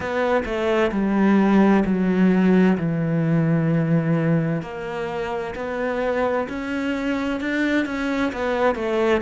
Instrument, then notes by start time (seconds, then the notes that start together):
cello
0.00 B3
0.45 A3
0.91 G3
1.85 F#3
2.77 E3
4.62 A#3
5.55 B3
6.48 C#4
7.40 D4
7.85 C#4
8.32 B3
8.75 A3